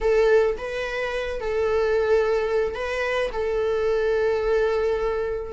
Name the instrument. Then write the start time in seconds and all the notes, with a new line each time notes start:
viola
0.01 A4
0.57 B4
1.40 A4
2.74 B4
3.32 A4